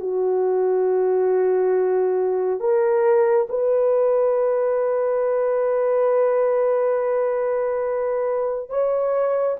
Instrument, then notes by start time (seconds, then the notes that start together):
horn
0.00 F#4
2.60 A#4
3.49 B4
8.70 C#5